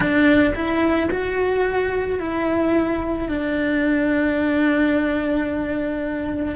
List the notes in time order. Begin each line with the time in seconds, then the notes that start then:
0.00 D4
0.55 E4
1.11 F#4
2.19 E4
3.28 D4